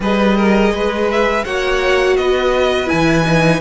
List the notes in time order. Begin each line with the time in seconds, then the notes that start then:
0.00 G3 G#4 B4 D#5
0.36 A#4
0.71 G#3 B4
1.10 E5
1.44 A#3 F#4 C#5 F#5
2.16 B3 B4 D#5
2.86 E4 G#5
2.92 E3
3.25 D#4